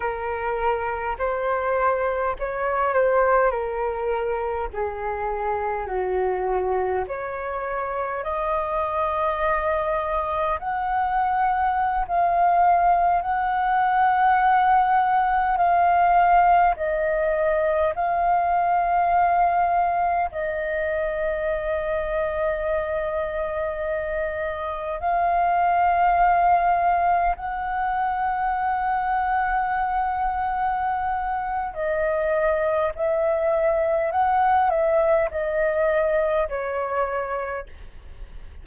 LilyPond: \new Staff \with { instrumentName = "flute" } { \time 4/4 \tempo 4 = 51 ais'4 c''4 cis''8 c''8 ais'4 | gis'4 fis'4 cis''4 dis''4~ | dis''4 fis''4~ fis''16 f''4 fis''8.~ | fis''4~ fis''16 f''4 dis''4 f''8.~ |
f''4~ f''16 dis''2~ dis''8.~ | dis''4~ dis''16 f''2 fis''8.~ | fis''2. dis''4 | e''4 fis''8 e''8 dis''4 cis''4 | }